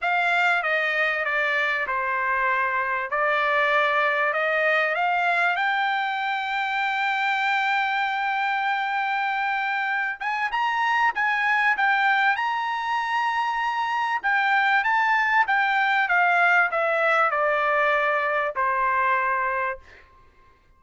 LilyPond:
\new Staff \with { instrumentName = "trumpet" } { \time 4/4 \tempo 4 = 97 f''4 dis''4 d''4 c''4~ | c''4 d''2 dis''4 | f''4 g''2.~ | g''1~ |
g''8 gis''8 ais''4 gis''4 g''4 | ais''2. g''4 | a''4 g''4 f''4 e''4 | d''2 c''2 | }